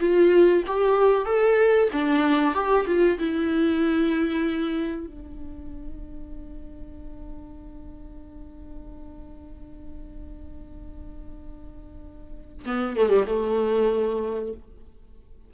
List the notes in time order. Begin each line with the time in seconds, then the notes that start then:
0.00 F4
0.66 G4
1.25 A4
1.92 D4
2.54 G4
2.87 F4
3.18 E4
5.06 D4
12.65 B3
12.96 A3
13.09 G3
13.27 A3